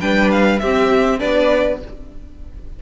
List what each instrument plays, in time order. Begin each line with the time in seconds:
0.00 cello G3, viola D4, violin B4 G5
0.31 violin F5
0.59 cello C4, viola C4, violin G4 E5
1.19 cello B3, viola D4, violin B4 D5